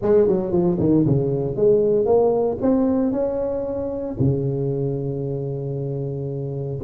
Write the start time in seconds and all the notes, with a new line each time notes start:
0.02 G#3
0.27 F#3
0.51 F3
0.79 D#3
1.06 C#3
1.56 G#3
2.05 A#3
2.61 C4
3.12 C#4
4.19 C#3